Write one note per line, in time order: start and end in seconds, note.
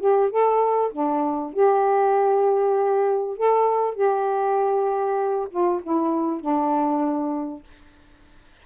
0.00 0.30 G4
0.30 0.92 A4
0.92 1.53 D4
1.53 3.37 G4
3.37 3.95 A4
3.95 5.48 G4
5.50 5.81 F4
5.83 6.41 E4
6.41 7.63 D4